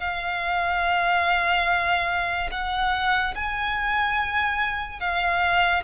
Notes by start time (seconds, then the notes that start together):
0.00 F5
2.51 F#5
3.35 G#5
5.00 F5